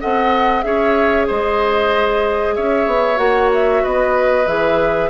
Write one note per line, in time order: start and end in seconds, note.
0.00 0.64 C4
0.00 0.62 A4
0.00 0.64 D#5
0.00 0.62 F#5
0.62 1.28 C#4
0.62 3.16 G#4
0.62 1.27 C#5
0.62 1.25 E5
1.27 2.57 G#3
1.27 2.55 C5
1.27 2.55 D#5
2.55 2.86 C#4
2.55 3.83 C#5
2.55 3.18 E5
2.86 3.18 B3
3.16 3.82 A#3
3.16 4.43 F#4
3.16 3.49 F#5
3.54 3.84 E5
3.83 4.47 B3
3.83 5.10 B4
3.83 4.47 D#5
4.47 5.10 E3
4.47 5.10 G#4
4.47 5.10 E5